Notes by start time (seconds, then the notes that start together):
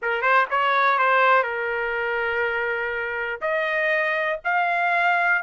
0.01 A#4
0.21 C5
0.50 C#5
0.98 C5
1.43 A#4
3.41 D#5
4.44 F5